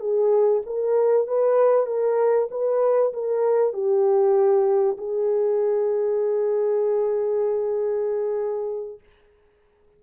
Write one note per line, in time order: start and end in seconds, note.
0.00 0.62 G#4
0.66 1.27 A#4
1.27 1.86 B4
1.86 2.48 A#4
2.51 3.13 B4
3.13 3.73 A#4
3.73 4.97 G4
4.98 9.00 G#4